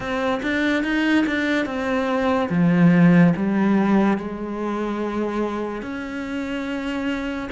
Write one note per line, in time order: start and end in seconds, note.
0.00 0.41 C4
0.42 0.83 D4
0.83 1.25 D#4
1.26 1.65 D4
1.65 2.48 C4
2.49 3.33 F3
3.36 4.17 G3
4.17 5.81 G#3
5.81 7.48 C#4